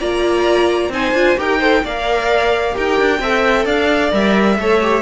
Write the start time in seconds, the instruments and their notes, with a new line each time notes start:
0.00 cello A#3, viola F4, violin D5 A#5
0.89 cello C4, viola D#4, violin C5 G#5
1.13 cello D4, viola F4
1.37 cello D#4, viola G4, violin A#4 G5
1.59 viola A4, violin C5
1.84 cello A#3, viola A#4, violin D5 F5
2.73 cello D#4, viola G4, violin A#4 G5
3.00 cello D4
3.20 cello C4, viola A4, violin E5
3.66 cello D4, violin D5 F5
4.12 cello G3, viola A#4, violin E5
4.58 cello A3, viola A4, violin C#5
4.82 viola G4